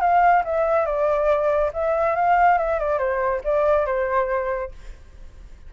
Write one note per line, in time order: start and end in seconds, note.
0.00 0.43 F5
0.44 0.86 E5
0.86 1.71 D5
1.73 2.16 E5
2.16 2.58 F5
2.58 2.79 E5
2.79 2.98 D5
2.98 3.41 C5
3.44 3.86 D5
3.86 4.71 C5